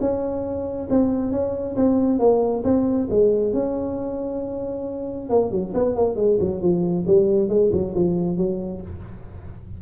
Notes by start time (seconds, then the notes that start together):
0.00 C#4
0.90 C4
1.31 C#4
1.76 C4
2.19 A#3
2.64 C4
3.10 G#3
3.53 C#4
5.29 A#3
5.51 F#3
5.74 B3
5.95 A#3
6.16 G#3
6.40 F#3
6.61 F3
7.06 G3
7.48 G#3
7.72 F#3
7.95 F3
8.37 F#3